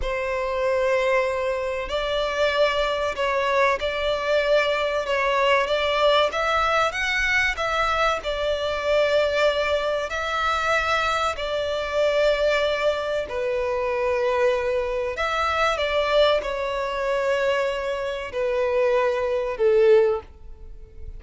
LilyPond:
\new Staff \with { instrumentName = "violin" } { \time 4/4 \tempo 4 = 95 c''2. d''4~ | d''4 cis''4 d''2 | cis''4 d''4 e''4 fis''4 | e''4 d''2. |
e''2 d''2~ | d''4 b'2. | e''4 d''4 cis''2~ | cis''4 b'2 a'4 | }